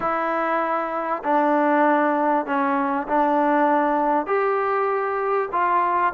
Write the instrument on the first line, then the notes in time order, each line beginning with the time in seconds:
trombone
0.00 E4
1.23 D4
2.45 C#4
3.08 D4
4.26 G4
5.52 F4